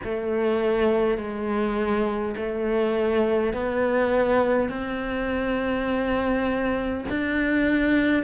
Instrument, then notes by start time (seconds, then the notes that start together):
cello
0.04 A3
1.17 G#3
2.36 A3
3.53 B3
4.69 C4
7.09 D4